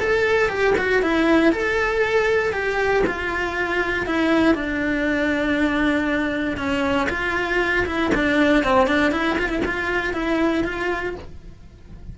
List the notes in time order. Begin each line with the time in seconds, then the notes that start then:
0.00 A4
0.49 G4
0.78 F#4
1.02 E4
1.52 A4
2.53 G4
3.07 F4
4.06 E4
4.55 D4
6.57 C#4
7.10 F4
7.86 E4
8.15 D4
8.64 C4
8.87 D4
9.12 E4
9.39 F4
9.49 E4
9.65 F4
10.13 E4
10.64 F4